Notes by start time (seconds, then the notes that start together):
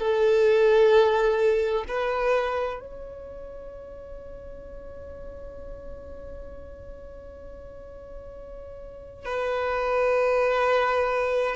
0.00 A4
1.88 B4
2.80 C#5
9.26 B4